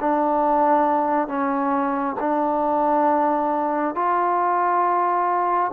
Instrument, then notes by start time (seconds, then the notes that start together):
trombone
0.00 D4
1.28 C#4
2.20 D4
3.95 F4